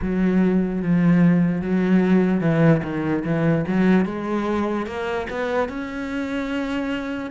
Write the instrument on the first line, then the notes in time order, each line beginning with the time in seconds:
cello
0.01 F#3
0.81 F3
1.61 F#3
2.40 E3
2.83 D#3
3.24 E3
3.67 F#3
4.05 G#3
4.86 A#3
5.30 B3
5.69 C#4